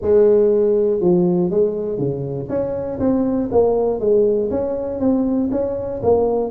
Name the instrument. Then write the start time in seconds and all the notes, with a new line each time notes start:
tuba
0.01 G#3
1.00 F3
1.50 G#3
1.98 C#3
2.49 C#4
2.99 C4
3.51 A#3
4.00 G#3
4.50 C#4
4.99 C4
5.51 C#4
6.02 A#3